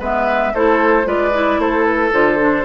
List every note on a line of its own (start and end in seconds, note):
0.00 0.54 G#3
0.00 0.54 B3
0.00 0.53 B4
0.00 0.55 E5
0.54 1.06 A3
0.54 1.05 E4
0.54 1.07 A4
0.54 1.08 C5
1.05 1.59 G#3
1.05 1.32 F4
1.05 1.60 B4
1.05 1.60 D5
1.34 2.12 E4
1.59 2.12 A3
1.59 2.66 A4
1.59 1.85 C5
1.85 2.12 B4
2.12 2.66 D3
2.12 2.39 F4
2.12 2.66 C5
2.39 2.66 D4